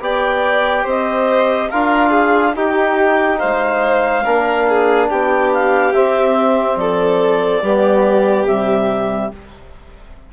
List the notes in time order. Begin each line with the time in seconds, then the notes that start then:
0.00 B3 G4 D5 G5
0.83 C4 C5 D#5
1.70 D4 F4 A#4 F5
2.11 G#4
2.55 D#4 G4 G5
3.39 G#3 C5 F5
4.24 A#3 D4 A#4
4.69 G#4
5.09 B3 G4 G5
5.54 F5
5.94 C4 E5
6.77 F3 A4 D5
7.62 G3 B3 G4
8.46 C3 G3 E5